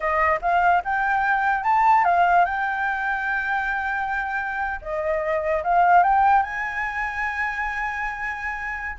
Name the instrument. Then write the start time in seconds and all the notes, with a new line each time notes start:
flute
0.00 D#5
0.41 F5
0.84 G5
1.63 A5
2.04 F5
2.45 G5
4.81 D#5
5.63 F5
6.03 G5
6.42 G#5